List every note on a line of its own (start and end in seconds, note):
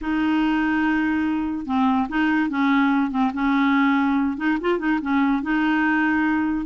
0.01 1.66 D#4
1.66 2.07 C4
2.09 2.49 D#4
2.49 3.10 C#4
3.10 3.31 C4
3.33 4.37 C#4
4.37 4.58 D#4
4.60 4.78 F4
4.78 4.99 D#4
5.01 5.42 C#4
5.42 6.65 D#4